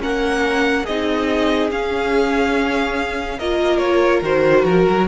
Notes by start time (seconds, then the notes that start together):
0.00 A#3 C#4 A#4 F#5
0.84 C4 D#4 G#4 D#5
1.71 C#4 F5
3.39 A#3 F4 A#4 D#5
3.79 C#5
4.22 D#3 F#4 C5
4.65 F3 A#4
4.90 F#3